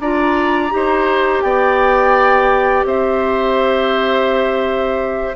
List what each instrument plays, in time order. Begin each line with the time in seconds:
0.00 bassoon D4, clarinet F4, oboe D5, flute A#5
0.70 bassoon D#4, clarinet G4, oboe C5
1.42 bassoon B3, oboe D5, flute G5
2.84 bassoon C4, oboe C5, flute E5